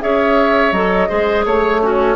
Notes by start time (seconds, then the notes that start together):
0.00 C#4 G#4 C#5 E5
0.72 F#3 A4 D#5
1.08 G#3 G#4 C5
1.45 A3 C#5
1.81 C#4 F#4